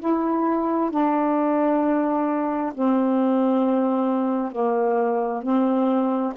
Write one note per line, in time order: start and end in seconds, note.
0.00 0.91 E4
0.91 2.73 D4
2.74 4.52 C4
4.52 5.43 A#3
5.43 6.33 C4